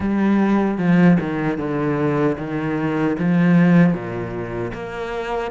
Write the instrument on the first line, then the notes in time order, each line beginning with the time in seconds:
cello
0.00 G3
0.78 F3
1.20 D#3
1.58 D3
2.38 D#3
3.18 F3
3.93 A#2
4.73 A#3